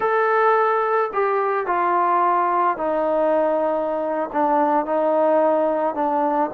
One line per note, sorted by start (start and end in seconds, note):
0.00 1.11 A4
1.13 1.66 G4
1.66 2.77 F4
2.77 4.30 D#4
4.32 4.85 D4
4.85 5.94 D#4
5.94 6.50 D4